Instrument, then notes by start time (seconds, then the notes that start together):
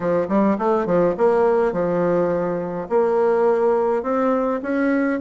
bassoon
0.00 F3
0.28 G3
0.58 A3
0.85 F3
1.17 A#3
1.72 F3
2.89 A#3
4.02 C4
4.62 C#4